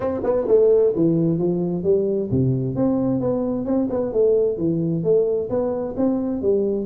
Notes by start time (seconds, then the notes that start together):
0.00 C4
0.23 B3
0.47 A3
0.95 E3
1.38 F3
1.83 G3
2.30 C3
2.75 C4
3.20 B3
3.65 C4
3.90 B3
4.12 A3
4.57 E3
5.03 A3
5.49 B3
5.97 C4
6.41 G3